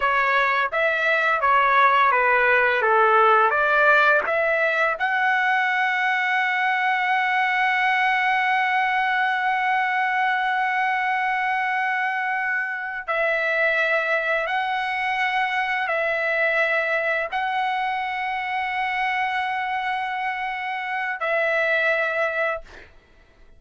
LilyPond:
\new Staff \with { instrumentName = "trumpet" } { \time 4/4 \tempo 4 = 85 cis''4 e''4 cis''4 b'4 | a'4 d''4 e''4 fis''4~ | fis''1~ | fis''1~ |
fis''2~ fis''8 e''4.~ | e''8 fis''2 e''4.~ | e''8 fis''2.~ fis''8~ | fis''2 e''2 | }